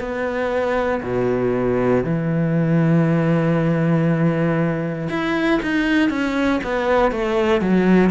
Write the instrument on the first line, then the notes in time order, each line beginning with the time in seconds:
cello
0.00 B3
1.03 B2
2.04 E3
5.10 E4
5.63 D#4
6.10 C#4
6.64 B3
7.12 A3
7.62 F#3